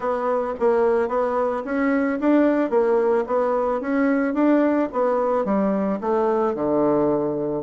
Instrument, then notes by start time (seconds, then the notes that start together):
bassoon
0.00 B3
0.59 A#3
1.08 B3
1.64 C#4
2.19 D4
2.70 A#3
3.26 B3
3.81 C#4
4.34 D4
4.92 B3
5.44 G3
6.00 A3
6.55 D3